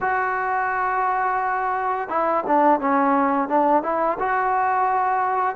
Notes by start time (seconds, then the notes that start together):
0.01 F#4
2.09 E4
2.46 D4
2.79 C#4
3.48 D4
3.82 E4
4.19 F#4